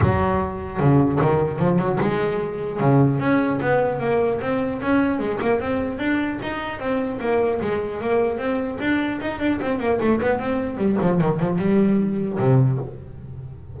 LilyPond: \new Staff \with { instrumentName = "double bass" } { \time 4/4 \tempo 4 = 150 fis2 cis4 dis4 | f8 fis8 gis2 cis4 | cis'4 b4 ais4 c'4 | cis'4 gis8 ais8 c'4 d'4 |
dis'4 c'4 ais4 gis4 | ais4 c'4 d'4 dis'8 d'8 | c'8 ais8 a8 b8 c'4 g8 f8 | dis8 f8 g2 c4 | }